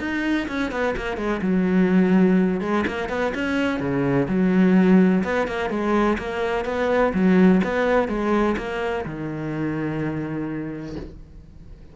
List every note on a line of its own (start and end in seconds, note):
0.00 0.48 D#4
0.49 0.72 C#4
0.72 0.95 B3
0.97 1.17 A#3
1.17 1.41 G#3
1.42 2.61 F#3
2.61 2.85 G#3
2.87 3.09 A#3
3.09 3.33 B3
3.35 3.80 C#4
3.80 4.28 C#3
4.28 5.24 F#3
5.24 5.48 B3
5.48 5.70 A#3
5.70 6.18 G#3
6.18 6.65 A#3
6.65 7.13 B3
7.14 7.62 F#3
7.64 8.08 B3
8.08 8.56 G#3
8.58 9.05 A#3
9.06 10.96 D#3